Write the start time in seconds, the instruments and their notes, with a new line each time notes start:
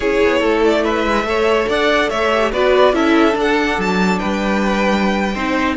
0.00 cello C#4, viola E4, violin G#4 C#5
0.23 cello B3
0.39 cello A3, violin A4
0.64 violin D5
0.84 violin B4 E5
1.06 cello G#3
1.23 cello A3, viola A4, violin C#5
1.68 cello D4, violin D5 F#5
2.09 cello A3, violin C#5 E5
2.32 viola G4
2.52 cello B3, viola F#4, violin B4 D5
2.93 cello C#4, viola E4, violin A4 E5
3.32 viola D4, cello D4
3.40 violin F#5
3.78 cello F#3, violin A5
4.18 cello G3, violin B4 G5
5.33 cello C4, viola D#4, violin C5